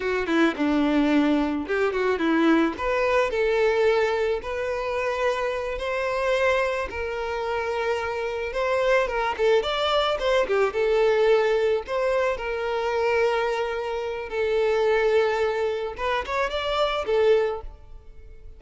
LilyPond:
\new Staff \with { instrumentName = "violin" } { \time 4/4 \tempo 4 = 109 fis'8 e'8 d'2 g'8 fis'8 | e'4 b'4 a'2 | b'2~ b'8 c''4.~ | c''8 ais'2. c''8~ |
c''8 ais'8 a'8 d''4 c''8 g'8 a'8~ | a'4. c''4 ais'4.~ | ais'2 a'2~ | a'4 b'8 cis''8 d''4 a'4 | }